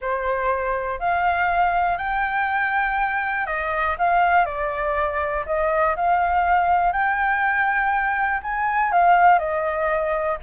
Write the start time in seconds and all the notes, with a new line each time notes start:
0.01 C5
0.99 F5
1.97 G5
3.46 D#5
3.98 F5
4.45 D5
5.45 D#5
5.96 F5
6.92 G5
8.43 G#5
8.91 F5
9.38 D#5